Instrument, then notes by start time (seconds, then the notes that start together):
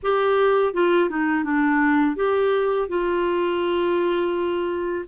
clarinet
0.02 G4
0.73 F4
1.09 D#4
1.44 D4
2.16 G4
2.88 F4